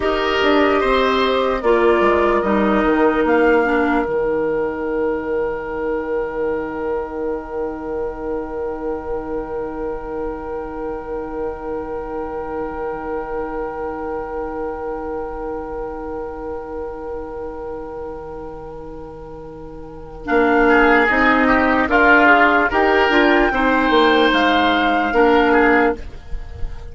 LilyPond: <<
  \new Staff \with { instrumentName = "flute" } { \time 4/4 \tempo 4 = 74 dis''2 d''4 dis''4 | f''4 g''2.~ | g''1~ | g''1~ |
g''1~ | g''1~ | g''4 f''4 dis''4 f''4 | g''2 f''2 | }
  \new Staff \with { instrumentName = "oboe" } { \time 4/4 ais'4 c''4 ais'2~ | ais'1~ | ais'1~ | ais'1~ |
ais'1~ | ais'1~ | ais'4. gis'4 g'8 f'4 | ais'4 c''2 ais'8 gis'8 | }
  \new Staff \with { instrumentName = "clarinet" } { \time 4/4 g'2 f'4 dis'4~ | dis'8 d'8 dis'2.~ | dis'1~ | dis'1~ |
dis'1~ | dis'1~ | dis'4 d'4 dis'4 ais'8 gis'8 | g'8 f'8 dis'2 d'4 | }
  \new Staff \with { instrumentName = "bassoon" } { \time 4/4 dis'8 d'8 c'4 ais8 gis8 g8 dis8 | ais4 dis2.~ | dis1~ | dis1~ |
dis1~ | dis1~ | dis4 ais4 c'4 d'4 | dis'8 d'8 c'8 ais8 gis4 ais4 | }
>>